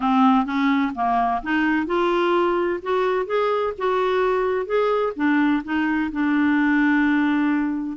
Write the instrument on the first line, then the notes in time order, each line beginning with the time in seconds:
clarinet
0.00 C4
0.45 C#4
0.95 A#3
1.43 D#4
1.86 F4
2.82 F#4
3.26 G#4
3.78 F#4
4.66 G#4
5.16 D4
5.64 D#4
6.12 D4